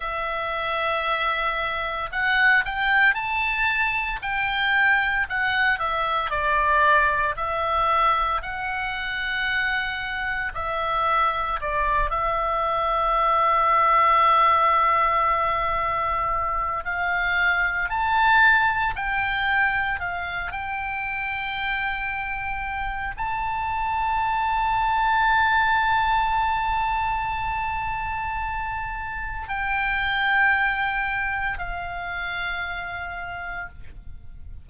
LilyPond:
\new Staff \with { instrumentName = "oboe" } { \time 4/4 \tempo 4 = 57 e''2 fis''8 g''8 a''4 | g''4 fis''8 e''8 d''4 e''4 | fis''2 e''4 d''8 e''8~ | e''1 |
f''4 a''4 g''4 f''8 g''8~ | g''2 a''2~ | a''1 | g''2 f''2 | }